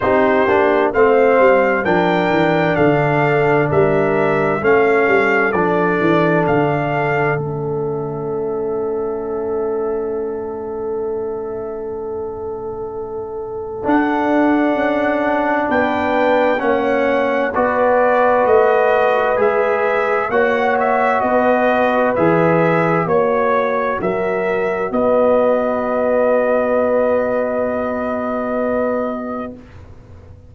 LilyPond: <<
  \new Staff \with { instrumentName = "trumpet" } { \time 4/4 \tempo 4 = 65 c''4 f''4 g''4 f''4 | e''4 f''4 d''4 f''4 | e''1~ | e''2. fis''4~ |
fis''4 g''4 fis''4 d''4 | dis''4 e''4 fis''8 e''8 dis''4 | e''4 cis''4 e''4 dis''4~ | dis''1 | }
  \new Staff \with { instrumentName = "horn" } { \time 4/4 g'4 c''4 ais'4 a'4 | ais'4 a'2.~ | a'1~ | a'1~ |
a'4 b'4 cis''4 b'4~ | b'2 cis''4 b'4~ | b'4 cis''4 ais'4 b'4~ | b'1 | }
  \new Staff \with { instrumentName = "trombone" } { \time 4/4 dis'8 d'8 c'4 d'2~ | d'4 cis'4 d'2 | cis'1~ | cis'2. d'4~ |
d'2 cis'4 fis'4~ | fis'4 gis'4 fis'2 | gis'4 fis'2.~ | fis'1 | }
  \new Staff \with { instrumentName = "tuba" } { \time 4/4 c'8 ais8 a8 g8 f8 e8 d4 | g4 a8 g8 f8 e8 d4 | a1~ | a2. d'4 |
cis'4 b4 ais4 b4 | a4 gis4 ais4 b4 | e4 ais4 fis4 b4~ | b1 | }
>>